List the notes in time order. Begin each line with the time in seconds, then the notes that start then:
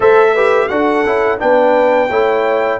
0.00 A3 A4 C5 E5
0.34 G4 B4
0.68 D4 F#4 A4 F#5
1.05 C#4 E4
1.38 B3 D4 B4 G5
2.09 A3 E4 C#5